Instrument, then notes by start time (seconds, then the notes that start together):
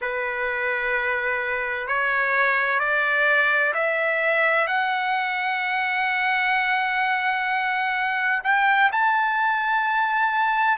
trumpet
0.01 B4
1.87 C#5
2.79 D5
3.73 E5
4.67 F#5
8.43 G5
8.91 A5